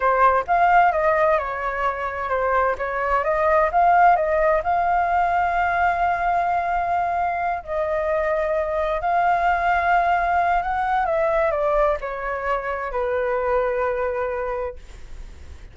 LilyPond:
\new Staff \with { instrumentName = "flute" } { \time 4/4 \tempo 4 = 130 c''4 f''4 dis''4 cis''4~ | cis''4 c''4 cis''4 dis''4 | f''4 dis''4 f''2~ | f''1~ |
f''8 dis''2. f''8~ | f''2. fis''4 | e''4 d''4 cis''2 | b'1 | }